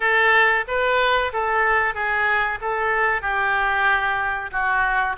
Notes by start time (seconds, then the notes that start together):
0.00 A4
0.67 B4
1.32 A4
1.94 G#4
2.61 A4
3.21 G4
4.51 F#4